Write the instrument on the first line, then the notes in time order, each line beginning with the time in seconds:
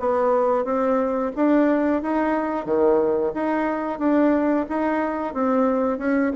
bassoon
0.00 B3
0.65 C4
1.36 D4
2.02 D#4
2.65 D#3
3.34 D#4
3.99 D4
4.69 D#4
5.34 C4
5.98 C#4